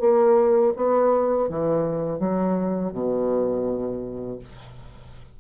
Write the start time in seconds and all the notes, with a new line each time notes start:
0.00 A#3
0.76 B3
1.49 E3
2.20 F#3
2.92 B2